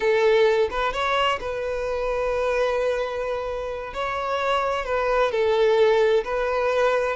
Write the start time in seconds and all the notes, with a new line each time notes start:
0.00 A4
0.70 B4
0.93 C#5
1.40 B4
3.93 C#5
4.85 B4
5.31 A4
6.24 B4